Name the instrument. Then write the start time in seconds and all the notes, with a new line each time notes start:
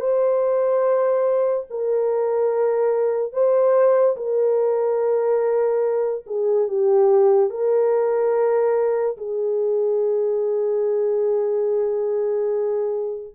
horn
0.00 C5
1.70 A#4
3.33 C5
4.16 A#4
6.26 G#4
6.68 G4
7.50 A#4
9.17 G#4